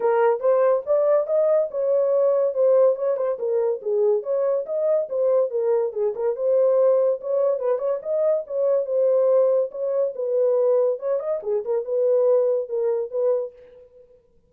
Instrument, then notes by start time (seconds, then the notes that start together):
horn
0.00 A#4
0.40 C5
0.86 D5
1.26 D#5
1.71 C#5
2.54 C5
2.95 C#5
3.17 C5
3.38 A#4
3.82 G#4
4.22 C#5
4.66 D#5
5.09 C5
5.50 A#4
5.93 G#4
6.15 A#4
6.36 C5
7.20 C#5
7.59 B4
7.78 C#5
8.02 D#5
8.46 C#5
8.85 C5
9.71 C#5
10.15 B4
10.99 C#5
11.19 D#5
11.43 G#4
11.64 A#4
11.84 B4
12.68 A#4
13.10 B4